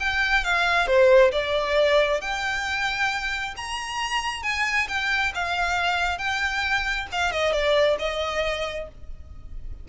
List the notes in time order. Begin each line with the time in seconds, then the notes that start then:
0.00 G5
0.44 F5
0.87 C5
1.32 D5
2.21 G5
3.57 A#5
4.43 G#5
4.88 G5
5.35 F5
6.18 G5
7.12 F5
7.32 D#5
7.52 D5
7.99 D#5